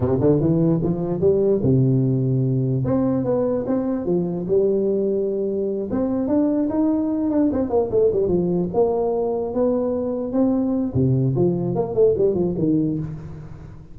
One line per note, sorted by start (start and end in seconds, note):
0.00 0.19 C3
0.20 0.40 D3
0.40 0.81 E3
0.82 1.20 F3
1.20 1.61 G3
1.62 2.84 C3
2.84 3.24 C4
3.24 3.65 B3
3.66 4.05 C4
4.05 4.46 F3
4.47 5.89 G3
5.90 6.27 C4
6.27 6.68 D4
6.69 7.30 D#4
7.30 7.50 D4
7.52 7.69 C4
7.69 7.89 A#3
7.90 8.10 A3
8.12 8.28 G3
8.28 8.68 F3
8.73 9.54 A#3
9.54 10.32 B3
10.32 10.93 C4
10.94 11.34 C3
11.35 11.75 F3
11.75 11.94 A#3
11.94 12.14 A3
12.17 12.34 G3
12.34 12.54 F3
12.58 12.98 D#3